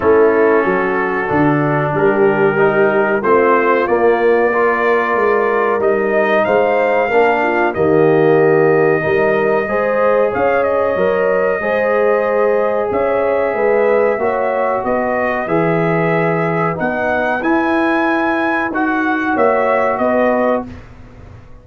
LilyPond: <<
  \new Staff \with { instrumentName = "trumpet" } { \time 4/4 \tempo 4 = 93 a'2. ais'4~ | ais'4 c''4 d''2~ | d''4 dis''4 f''2 | dis''1 |
f''8 dis''2.~ dis''8 | e''2. dis''4 | e''2 fis''4 gis''4~ | gis''4 fis''4 e''4 dis''4 | }
  \new Staff \with { instrumentName = "horn" } { \time 4/4 e'4 fis'2 g'4~ | g'4 f'2 ais'4~ | ais'2 c''4 ais'8 f'8 | g'2 ais'4 c''4 |
cis''2 c''2 | cis''4 b'4 cis''4 b'4~ | b'1~ | b'2 cis''4 b'4 | }
  \new Staff \with { instrumentName = "trombone" } { \time 4/4 cis'2 d'2 | dis'4 c'4 ais4 f'4~ | f'4 dis'2 d'4 | ais2 dis'4 gis'4~ |
gis'4 ais'4 gis'2~ | gis'2 fis'2 | gis'2 dis'4 e'4~ | e'4 fis'2. | }
  \new Staff \with { instrumentName = "tuba" } { \time 4/4 a4 fis4 d4 g4~ | g4 a4 ais2 | gis4 g4 gis4 ais4 | dis2 g4 gis4 |
cis'4 fis4 gis2 | cis'4 gis4 ais4 b4 | e2 b4 e'4~ | e'4 dis'4 ais4 b4 | }
>>